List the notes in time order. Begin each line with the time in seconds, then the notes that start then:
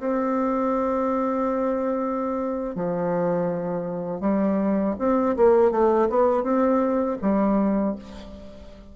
0.00 C4
2.76 F3
4.21 G3
4.99 C4
5.37 A#3
5.72 A3
6.10 B3
6.44 C4
7.22 G3